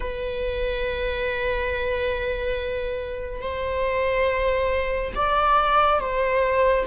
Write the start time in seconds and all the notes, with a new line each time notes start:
0.00 B4
3.41 C5
5.15 D5
6.00 C5